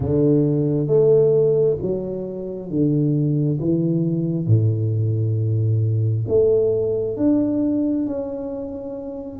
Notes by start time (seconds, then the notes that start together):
0.00 D3
0.87 A3
1.82 F#3
2.69 D3
3.60 E3
4.46 A2
6.28 A3
7.16 D4
8.06 C#4